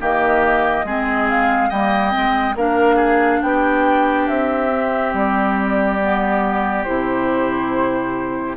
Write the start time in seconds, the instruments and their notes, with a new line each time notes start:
0.00 bassoon D#3, clarinet A#3, oboe G4, flute D#5
0.84 bassoon G#3, clarinet C4, oboe G#4
1.29 flute F5
1.69 bassoon G3, clarinet A#3, oboe D#5, flute G5
2.11 bassoon G#3, clarinet C4
2.55 bassoon A#3, clarinet D4, oboe A#4, flute F5
2.96 oboe G#4
3.42 bassoon B3, oboe G4, flute G5
4.27 bassoon C4, flute E5
4.70 clarinet C4
5.13 bassoon G3, flute D5
6.00 clarinet B3
6.84 bassoon C3, clarinet E4, flute C5